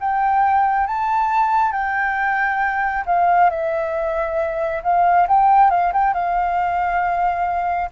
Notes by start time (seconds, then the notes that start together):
0.00 G5
0.87 A5
1.72 G5
3.06 F5
3.50 E5
4.83 F5
5.28 G5
5.71 F5
5.93 G5
6.14 F5